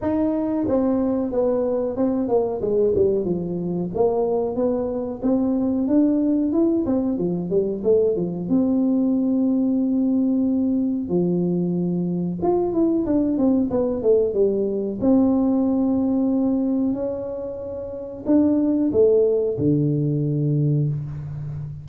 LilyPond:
\new Staff \with { instrumentName = "tuba" } { \time 4/4 \tempo 4 = 92 dis'4 c'4 b4 c'8 ais8 | gis8 g8 f4 ais4 b4 | c'4 d'4 e'8 c'8 f8 g8 | a8 f8 c'2.~ |
c'4 f2 f'8 e'8 | d'8 c'8 b8 a8 g4 c'4~ | c'2 cis'2 | d'4 a4 d2 | }